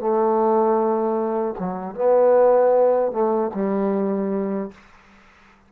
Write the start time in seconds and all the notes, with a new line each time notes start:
0.00 A3
1.59 F#3
1.96 B3
3.12 A3
3.55 G3